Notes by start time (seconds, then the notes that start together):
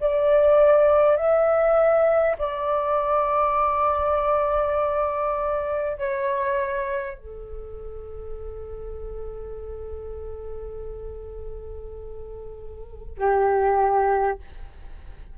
0.00 D5
1.16 E5
2.38 D5
5.98 C#5
7.18 A4
13.17 G4